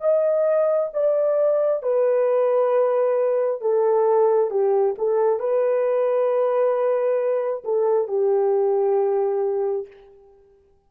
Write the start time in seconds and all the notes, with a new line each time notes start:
0.00 D#5
0.93 D5
1.82 B4
3.61 A4
4.50 G4
4.98 A4
5.39 B4
7.64 A4
8.08 G4